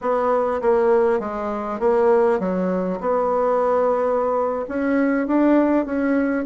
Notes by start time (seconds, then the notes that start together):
0.01 B3
0.61 A#3
1.19 G#3
1.79 A#3
2.39 F#3
3.00 B3
4.68 C#4
5.27 D4
5.85 C#4